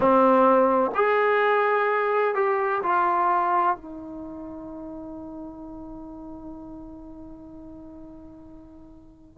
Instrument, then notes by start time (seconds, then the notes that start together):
trombone
0.00 C4
0.94 G#4
2.34 G4
2.83 F4
3.76 D#4